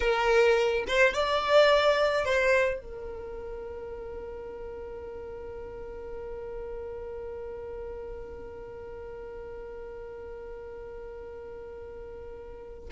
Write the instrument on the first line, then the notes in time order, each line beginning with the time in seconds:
violin
0.00 A#4
0.87 C5
1.14 D5
2.25 C5
2.80 A#4